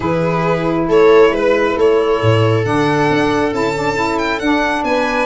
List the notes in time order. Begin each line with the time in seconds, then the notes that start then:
0.00 E3 E4 G#4 B4
0.88 A3 A4 C#5
1.30 G#3 B4
1.75 A3 A4 C#5
2.21 A2
2.62 D3 D4 F#5
3.10 D4
3.51 C#4 E4 A5
3.74 D4
3.95 E4
4.18 G5
4.39 D4 F#5
4.83 B3 B4 G#5